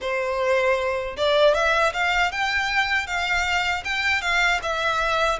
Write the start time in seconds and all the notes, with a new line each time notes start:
0.01 C5
1.16 D5
1.54 E5
1.93 F5
2.31 G5
3.06 F5
3.84 G5
4.21 F5
4.62 E5